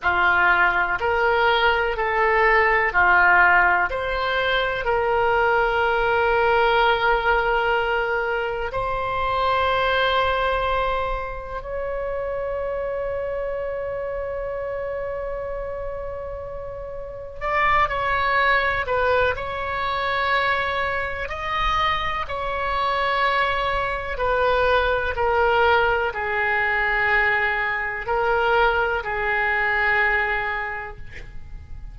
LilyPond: \new Staff \with { instrumentName = "oboe" } { \time 4/4 \tempo 4 = 62 f'4 ais'4 a'4 f'4 | c''4 ais'2.~ | ais'4 c''2. | cis''1~ |
cis''2 d''8 cis''4 b'8 | cis''2 dis''4 cis''4~ | cis''4 b'4 ais'4 gis'4~ | gis'4 ais'4 gis'2 | }